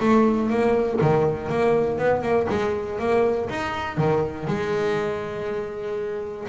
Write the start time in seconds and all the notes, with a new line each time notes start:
0.00 A3
0.50 A#3
1.01 D#3
1.50 A#3
1.98 B3
2.22 A#3
2.50 G#3
2.99 A#3
3.50 D#4
3.97 D#3
4.47 G#3